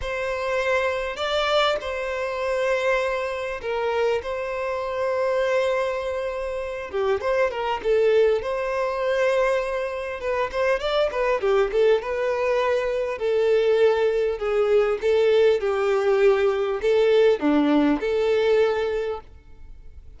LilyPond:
\new Staff \with { instrumentName = "violin" } { \time 4/4 \tempo 4 = 100 c''2 d''4 c''4~ | c''2 ais'4 c''4~ | c''2.~ c''8 g'8 | c''8 ais'8 a'4 c''2~ |
c''4 b'8 c''8 d''8 b'8 g'8 a'8 | b'2 a'2 | gis'4 a'4 g'2 | a'4 d'4 a'2 | }